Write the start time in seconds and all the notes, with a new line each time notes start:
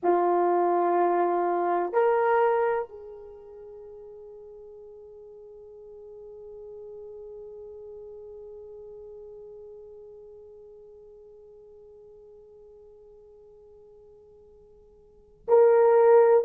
0.03 F4
1.93 A#4
2.88 G#4
15.48 A#4